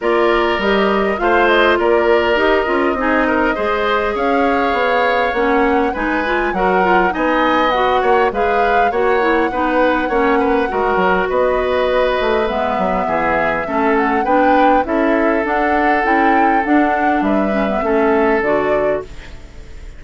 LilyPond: <<
  \new Staff \with { instrumentName = "flute" } { \time 4/4 \tempo 4 = 101 d''4 dis''4 f''8 dis''8 d''4 | dis''2. f''4~ | f''4 fis''4 gis''4 fis''4 | gis''4 fis''4 f''4 fis''4~ |
fis''2. dis''4~ | dis''4 e''2~ e''8 fis''8 | g''4 e''4 fis''4 g''4 | fis''4 e''2 d''4 | }
  \new Staff \with { instrumentName = "oboe" } { \time 4/4 ais'2 c''4 ais'4~ | ais'4 gis'8 ais'8 c''4 cis''4~ | cis''2 b'4 ais'4 | dis''4. cis''8 b'4 cis''4 |
b'4 cis''8 b'8 ais'4 b'4~ | b'2 gis'4 a'4 | b'4 a'2.~ | a'4 b'4 a'2 | }
  \new Staff \with { instrumentName = "clarinet" } { \time 4/4 f'4 g'4 f'2 | g'8 f'8 dis'4 gis'2~ | gis'4 cis'4 dis'8 f'8 fis'8 f'8 | dis'4 fis'4 gis'4 fis'8 e'8 |
dis'4 cis'4 fis'2~ | fis'4 b2 cis'4 | d'4 e'4 d'4 e'4 | d'4. cis'16 b16 cis'4 fis'4 | }
  \new Staff \with { instrumentName = "bassoon" } { \time 4/4 ais4 g4 a4 ais4 | dis'8 cis'8 c'4 gis4 cis'4 | b4 ais4 gis4 fis4 | b4. ais8 gis4 ais4 |
b4 ais4 gis8 fis8 b4~ | b8 a8 gis8 fis8 e4 a4 | b4 cis'4 d'4 cis'4 | d'4 g4 a4 d4 | }
>>